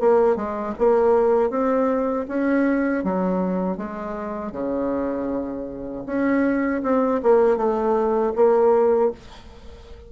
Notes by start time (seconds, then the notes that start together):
0.00 A#3
0.36 G#3
0.78 A#3
1.50 C4
2.28 C#4
3.04 F#3
3.77 G#3
4.52 C#3
6.06 C#4
6.83 C4
7.23 A#3
7.57 A3
8.35 A#3